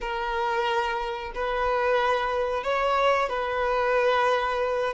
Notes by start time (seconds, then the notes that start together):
0.00 A#4
1.34 B4
2.63 C#5
3.29 B4